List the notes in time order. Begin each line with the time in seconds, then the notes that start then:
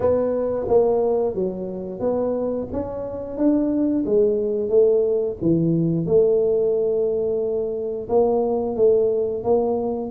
0.00 B3
0.68 A#3
1.35 F#3
1.99 B3
2.72 C#4
3.37 D4
4.05 G#3
4.69 A3
5.41 E3
6.06 A3
8.08 A#3
8.76 A3
9.44 A#3